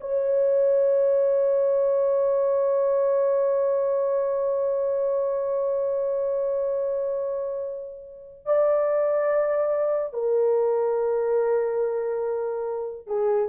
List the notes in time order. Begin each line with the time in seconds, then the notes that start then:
0.00 C#5
8.45 D5
10.13 A#4
13.06 G#4